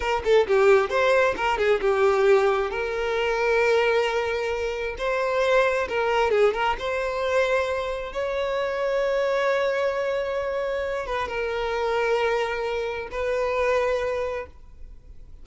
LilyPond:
\new Staff \with { instrumentName = "violin" } { \time 4/4 \tempo 4 = 133 ais'8 a'8 g'4 c''4 ais'8 gis'8 | g'2 ais'2~ | ais'2. c''4~ | c''4 ais'4 gis'8 ais'8 c''4~ |
c''2 cis''2~ | cis''1~ | cis''8 b'8 ais'2.~ | ais'4 b'2. | }